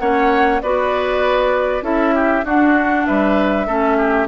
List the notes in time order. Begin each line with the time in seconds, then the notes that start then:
0.00 A#3 C#4 C#5 F#5
0.62 B3 F#4 B4 D5
1.82 C#4 E4 A4 E5
2.15 G4
2.44 D4 F#4 F#5
3.07 G3 B4 E5
3.67 A3 C#4 A4
3.98 G4